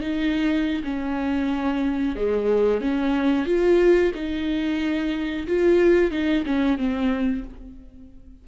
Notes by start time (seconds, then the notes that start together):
0.00 D#4
0.84 C#4
2.15 G#3
2.81 C#4
3.46 F4
4.14 D#4
5.47 F4
6.11 D#4
6.46 C#4
6.78 C4